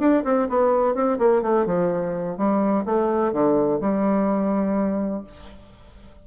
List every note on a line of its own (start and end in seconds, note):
0.00 0.24 D4
0.25 0.49 C4
0.49 0.95 B3
0.95 1.19 C4
1.19 1.42 A#3
1.42 1.66 A3
1.66 2.38 F3
2.38 2.85 G3
2.86 3.33 A3
3.33 3.81 D3
3.81 5.24 G3